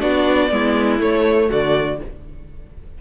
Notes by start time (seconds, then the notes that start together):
0.00 B3 D4 F#4 D5
0.51 G#3 B3 E4
0.99 A3 C#5
1.48 D3 F#4 D5